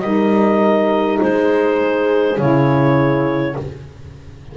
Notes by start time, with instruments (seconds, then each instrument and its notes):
0.00 double bass G3, saxophone D#4, horn A#4, clarinet D#5
1.22 double bass G#3, horn G#4, clarinet C5
2.38 double bass C#3, saxophone E4, clarinet C#5